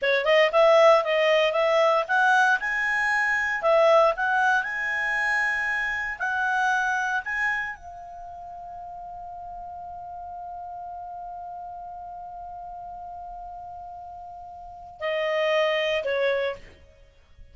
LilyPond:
\new Staff \with { instrumentName = "clarinet" } { \time 4/4 \tempo 4 = 116 cis''8 dis''8 e''4 dis''4 e''4 | fis''4 gis''2 e''4 | fis''4 gis''2. | fis''2 gis''4 f''4~ |
f''1~ | f''1~ | f''1~ | f''4 dis''2 cis''4 | }